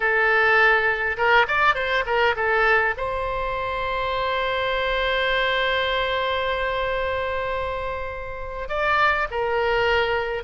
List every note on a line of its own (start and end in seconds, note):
0.00 1.17 A4
1.17 1.46 A#4
1.47 1.75 D5
1.75 2.04 C5
2.06 2.35 A#4
2.35 2.94 A4
2.97 8.68 C5
8.68 9.27 D5
9.30 10.43 A#4